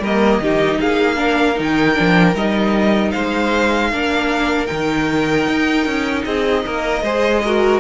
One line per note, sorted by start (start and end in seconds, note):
0.00 0.39 G3
0.00 0.43 A#3
0.00 0.41 A#4
0.00 0.80 D#5
0.39 0.78 D#3
0.39 1.15 D#4
0.39 0.80 G4
0.80 1.59 A#3
0.80 1.17 G#4
0.80 1.58 F5
1.15 1.54 D4
1.15 3.12 A#4
1.55 1.98 D#3
1.55 1.94 D#4
1.62 2.36 G5
1.94 2.34 F3
1.94 2.33 D4
2.34 3.12 G3
2.34 3.93 D#4
2.34 3.11 D#5
3.11 3.92 G#3
3.11 3.90 C5
3.11 4.66 F5
3.92 4.70 A#3
3.92 4.67 D4
3.92 6.26 A#4
4.66 5.48 D#3
4.66 7.00 D#4
4.66 6.22 G5
5.48 5.86 D#4
5.86 6.25 C#4
6.25 6.65 C4
6.25 6.65 G#4
6.25 7.80 D#5
6.66 7.02 A#3
6.66 7.03 A#4
7.02 7.80 G#3
7.02 7.44 G#4
7.02 7.42 C5
7.44 7.80 F#4
7.44 7.80 A#4